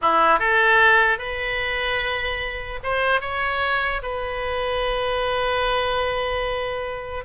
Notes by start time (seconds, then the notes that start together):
0.01 E4
0.39 A4
1.18 B4
2.83 C5
3.20 C#5
4.02 B4